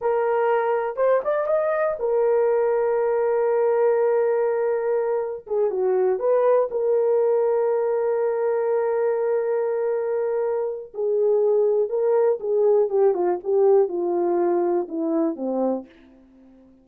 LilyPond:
\new Staff \with { instrumentName = "horn" } { \time 4/4 \tempo 4 = 121 ais'2 c''8 d''8 dis''4 | ais'1~ | ais'2. gis'8 fis'8~ | fis'8 b'4 ais'2~ ais'8~ |
ais'1~ | ais'2 gis'2 | ais'4 gis'4 g'8 f'8 g'4 | f'2 e'4 c'4 | }